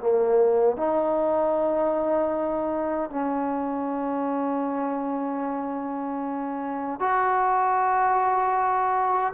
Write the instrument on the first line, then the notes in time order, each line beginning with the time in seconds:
trombone
0.00 A#3
0.77 D#4
3.10 C#4
6.99 F#4